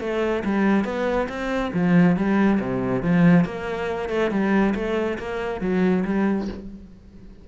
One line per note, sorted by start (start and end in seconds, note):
0.00 0.43 A3
0.45 0.85 G3
0.85 1.28 B3
1.29 1.72 C4
1.74 2.16 F3
2.16 2.60 G3
2.60 3.03 C3
3.03 3.45 F3
3.45 4.09 A#3
4.09 4.31 A3
4.31 4.74 G3
4.75 5.18 A3
5.19 5.61 A#3
5.61 6.04 F#3
6.05 6.48 G3